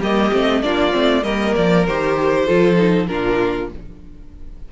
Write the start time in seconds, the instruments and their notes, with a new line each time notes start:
0.00 cello G3, viola A#3, violin G4 D#5
0.32 cello A3, viola C4
0.63 cello A#3, viola D4, violin F4 D5
0.91 cello A3, viola C4
1.24 cello G3, viola A#3, violin A#4 D#5
1.56 cello F3, violin D5
1.87 cello D#3, viola G4, violin C5
2.46 cello F3, viola F4, violin A4
2.76 viola D#4
3.08 cello A#2, viola D4, violin F4 A#4